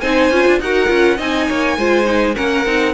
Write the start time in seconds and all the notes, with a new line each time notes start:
0.00 C4 D#4 C5 G#5
0.31 C#4 F4
0.47 D4
0.60 D#4 F#4 A#4 F#5
0.87 C#4 F4
1.17 C4 D#4 D#5 G#5
1.48 A#3 C#5
1.77 G#3 F4 C5
2.05 D#4
2.35 A#3 C#4 A#4 F#5
2.66 C4 D#4